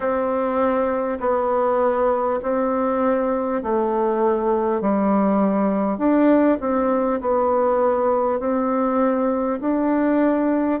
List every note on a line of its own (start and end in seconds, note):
0.00 1.18 C4
1.20 2.40 B3
2.42 3.62 C4
3.62 4.81 A3
4.81 5.98 G3
5.98 6.58 D4
6.60 7.20 C4
7.20 8.39 B3
8.39 9.59 C4
9.60 10.80 D4